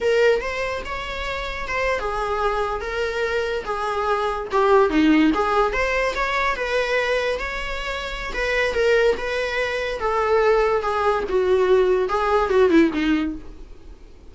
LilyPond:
\new Staff \with { instrumentName = "viola" } { \time 4/4 \tempo 4 = 144 ais'4 c''4 cis''2 | c''8. gis'2 ais'4~ ais'16~ | ais'8. gis'2 g'4 dis'16~ | dis'8. gis'4 c''4 cis''4 b'16~ |
b'4.~ b'16 cis''2~ cis''16 | b'4 ais'4 b'2 | a'2 gis'4 fis'4~ | fis'4 gis'4 fis'8 e'8 dis'4 | }